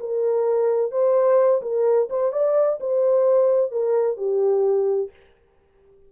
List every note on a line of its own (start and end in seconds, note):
0.00 0.92 A#4
0.92 1.62 C5
1.62 2.09 A#4
2.10 2.33 C5
2.33 2.79 D5
2.81 3.72 C5
3.72 4.18 A#4
4.18 5.11 G4